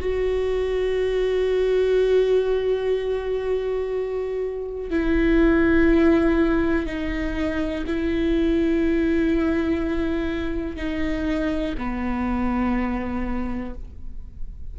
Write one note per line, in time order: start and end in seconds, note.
0.00 4.90 F#4
4.90 6.86 E4
6.86 7.85 D#4
7.87 10.77 E4
10.77 11.75 D#4
11.78 13.75 B3